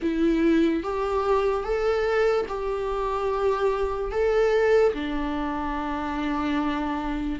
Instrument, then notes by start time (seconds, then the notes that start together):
viola
0.02 E4
0.83 G4
1.64 A4
2.48 G4
4.11 A4
4.93 D4